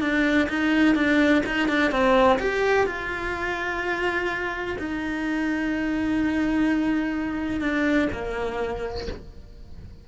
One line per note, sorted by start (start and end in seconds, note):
0.00 0.48 D4
0.49 0.95 D#4
0.95 1.43 D4
1.46 1.68 D#4
1.68 1.91 D4
1.91 2.39 C4
2.39 2.86 G4
2.86 4.77 F4
4.79 7.61 D#4
7.61 8.08 D4
8.12 9.07 A#3